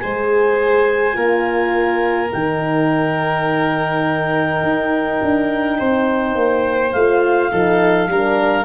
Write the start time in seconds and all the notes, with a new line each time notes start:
0.00 G#3 G#4 C5 G#5
1.13 A#3 F4 A#4
2.32 D#3 D#4 G5
4.63 D#4
5.22 D4
5.78 C4 C5
6.36 A#3
6.93 A3 F4 F5
7.52 F3 D#4 A4
8.08 G3 D4 A#4